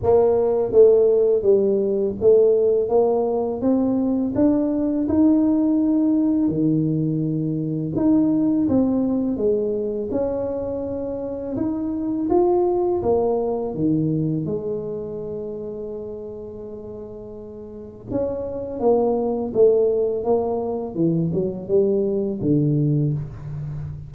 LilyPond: \new Staff \with { instrumentName = "tuba" } { \time 4/4 \tempo 4 = 83 ais4 a4 g4 a4 | ais4 c'4 d'4 dis'4~ | dis'4 dis2 dis'4 | c'4 gis4 cis'2 |
dis'4 f'4 ais4 dis4 | gis1~ | gis4 cis'4 ais4 a4 | ais4 e8 fis8 g4 d4 | }